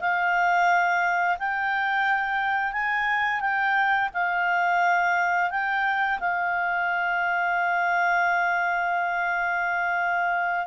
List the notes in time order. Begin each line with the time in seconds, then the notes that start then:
0.00 F5
1.39 G5
2.72 G#5
3.40 G5
4.14 F5
5.50 G5
6.20 F5